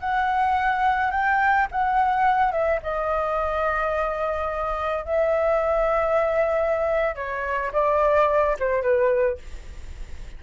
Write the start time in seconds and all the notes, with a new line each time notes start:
0.00 F#5
1.11 G5
1.71 F#5
2.52 E5
2.82 D#5
5.05 E5
7.15 C#5
7.72 D5
8.59 C5
8.82 B4